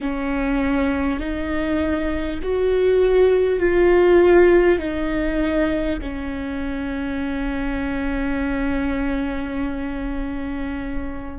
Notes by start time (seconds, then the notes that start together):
0.01 C#4
1.19 D#4
2.42 F#4
3.59 F4
4.78 D#4
6.01 C#4